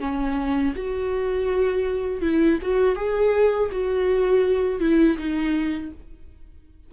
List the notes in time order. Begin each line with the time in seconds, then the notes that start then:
0.00 C#4
0.76 F#4
2.22 E4
2.62 F#4
2.96 G#4
3.72 F#4
4.80 E4
5.18 D#4